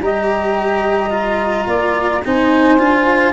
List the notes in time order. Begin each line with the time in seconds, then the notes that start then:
0.00 G3 G4 D#5 A#5
1.11 F4
1.68 A#3 D5
2.25 C4 D#4 C5 G#5
2.78 D4 F4